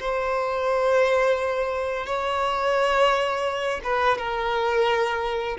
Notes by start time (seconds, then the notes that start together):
0.00 C5
2.06 C#5
3.84 B4
4.18 A#4